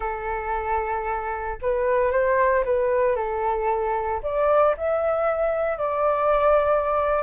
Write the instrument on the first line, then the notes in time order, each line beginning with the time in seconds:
flute
0.00 A4
1.61 B4
2.11 C5
2.65 B4
3.16 A4
4.22 D5
4.77 E5
5.78 D5